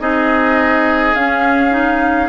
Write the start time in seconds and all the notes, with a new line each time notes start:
0.00 C4 D#4 G#4 D#5
1.15 C#4 F5
1.71 D#4